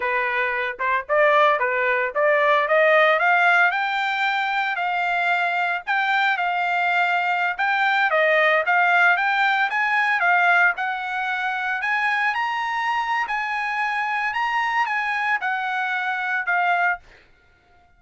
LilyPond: \new Staff \with { instrumentName = "trumpet" } { \time 4/4 \tempo 4 = 113 b'4. c''8 d''4 b'4 | d''4 dis''4 f''4 g''4~ | g''4 f''2 g''4 | f''2~ f''16 g''4 dis''8.~ |
dis''16 f''4 g''4 gis''4 f''8.~ | f''16 fis''2 gis''4 ais''8.~ | ais''4 gis''2 ais''4 | gis''4 fis''2 f''4 | }